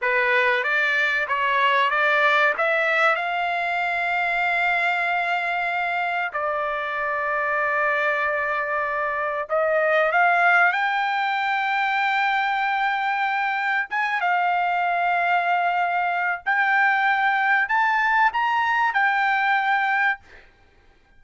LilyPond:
\new Staff \with { instrumentName = "trumpet" } { \time 4/4 \tempo 4 = 95 b'4 d''4 cis''4 d''4 | e''4 f''2.~ | f''2 d''2~ | d''2. dis''4 |
f''4 g''2.~ | g''2 gis''8 f''4.~ | f''2 g''2 | a''4 ais''4 g''2 | }